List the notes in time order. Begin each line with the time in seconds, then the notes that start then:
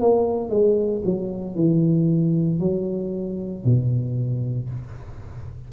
0.00 A#3
0.50 G#3
1.05 F#3
1.55 E3
2.59 F#3
3.64 B2